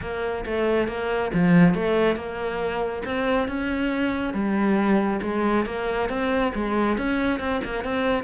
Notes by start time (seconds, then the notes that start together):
0.01 A#3
0.45 A3
0.88 A#3
1.33 F3
1.74 A3
2.16 A#3
3.05 C4
3.48 C#4
4.33 G3
5.22 G#3
5.65 A#3
6.09 C4
6.54 G#3
6.97 C#4
7.39 C4
7.64 A#3
7.83 C4